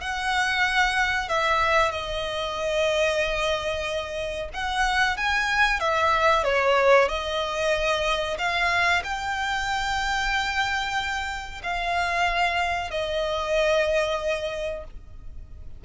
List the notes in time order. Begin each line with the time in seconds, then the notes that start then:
0.00 F#5
1.28 E5
1.91 D#5
4.53 F#5
5.17 G#5
5.79 E5
6.44 C#5
7.08 D#5
8.38 F5
9.03 G5
11.63 F5
12.90 D#5